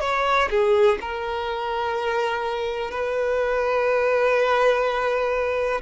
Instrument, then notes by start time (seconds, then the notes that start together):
violin
0.00 C#5
0.50 G#4
1.01 A#4
2.90 B4